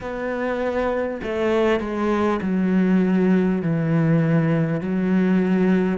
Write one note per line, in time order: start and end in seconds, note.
0.01 1.21 B3
1.23 1.79 A3
1.79 2.39 G#3
2.42 3.62 F#3
3.62 4.80 E3
4.80 5.98 F#3